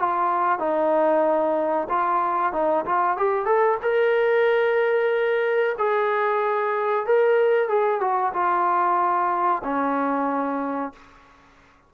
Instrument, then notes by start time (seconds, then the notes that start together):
trombone
0.00 F4
0.59 D#4
1.89 F4
2.53 D#4
2.86 F4
3.18 G4
3.46 A4
3.83 A#4
5.79 G#4
7.06 A#4
7.69 G#4
8.01 F#4
8.34 F4
9.64 C#4